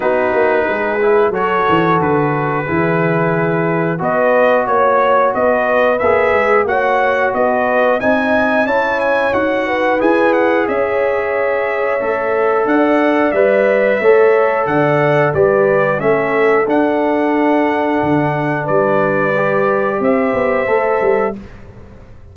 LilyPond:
<<
  \new Staff \with { instrumentName = "trumpet" } { \time 4/4 \tempo 4 = 90 b'2 cis''4 b'4~ | b'2 dis''4 cis''4 | dis''4 e''4 fis''4 dis''4 | gis''4 a''8 gis''8 fis''4 gis''8 fis''8 |
e''2. fis''4 | e''2 fis''4 d''4 | e''4 fis''2. | d''2 e''2 | }
  \new Staff \with { instrumentName = "horn" } { \time 4/4 fis'4 gis'4 a'2 | gis'2 b'4 cis''4 | b'2 cis''4 b'4 | dis''4 cis''4. b'4. |
cis''2. d''4~ | d''4 cis''4 d''4 b'4 | a'1 | b'2 c''2 | }
  \new Staff \with { instrumentName = "trombone" } { \time 4/4 dis'4. e'8 fis'2 | e'2 fis'2~ | fis'4 gis'4 fis'2 | dis'4 e'4 fis'4 gis'4~ |
gis'2 a'2 | b'4 a'2 g'4 | cis'4 d'2.~ | d'4 g'2 a'4 | }
  \new Staff \with { instrumentName = "tuba" } { \time 4/4 b8 ais8 gis4 fis8 e8 d4 | e2 b4 ais4 | b4 ais8 gis8 ais4 b4 | c'4 cis'4 dis'4 e'4 |
cis'2 a4 d'4 | g4 a4 d4 g4 | a4 d'2 d4 | g2 c'8 b8 a8 g8 | }
>>